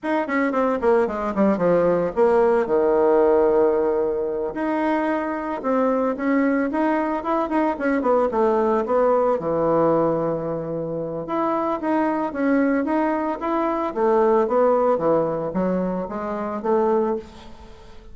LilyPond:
\new Staff \with { instrumentName = "bassoon" } { \time 4/4 \tempo 4 = 112 dis'8 cis'8 c'8 ais8 gis8 g8 f4 | ais4 dis2.~ | dis8 dis'2 c'4 cis'8~ | cis'8 dis'4 e'8 dis'8 cis'8 b8 a8~ |
a8 b4 e2~ e8~ | e4 e'4 dis'4 cis'4 | dis'4 e'4 a4 b4 | e4 fis4 gis4 a4 | }